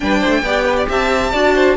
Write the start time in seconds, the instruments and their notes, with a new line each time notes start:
0.00 cello G3, viola D4, violin B4 G5
0.19 cello A3, violin C5
0.42 cello B3, viola G4, violin D5
0.65 violin B4
0.76 violin D5
0.88 cello C4, violin E5 A5
1.31 cello D4, viola F#4, violin D5
1.54 violin C5